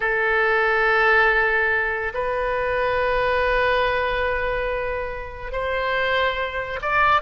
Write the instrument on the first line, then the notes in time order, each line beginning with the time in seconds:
oboe
0.00 A4
2.14 B4
5.51 C5
6.81 D5